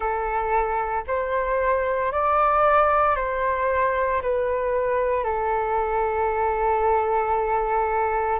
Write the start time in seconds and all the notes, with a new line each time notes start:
0.00 A4
1.07 C5
2.11 D5
3.16 C5
4.22 B4
5.23 A4